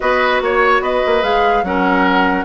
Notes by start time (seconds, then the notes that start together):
0.00 B3 F#4 B4 D#5
0.41 A#3 C#5
0.81 B3 B4 D#5
1.06 A#3
1.22 G#3 G#4 F5
1.62 F#3 C#4 A#4 F#5